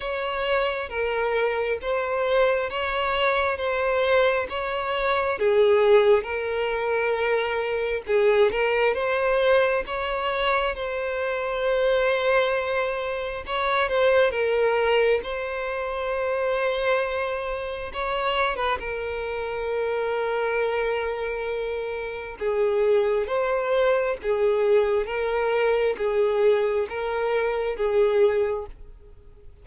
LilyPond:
\new Staff \with { instrumentName = "violin" } { \time 4/4 \tempo 4 = 67 cis''4 ais'4 c''4 cis''4 | c''4 cis''4 gis'4 ais'4~ | ais'4 gis'8 ais'8 c''4 cis''4 | c''2. cis''8 c''8 |
ais'4 c''2. | cis''8. b'16 ais'2.~ | ais'4 gis'4 c''4 gis'4 | ais'4 gis'4 ais'4 gis'4 | }